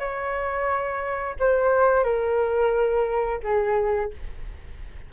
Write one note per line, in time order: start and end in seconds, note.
0.00 1.36 C#5
1.40 2.05 C5
2.05 3.41 A#4
3.43 4.12 G#4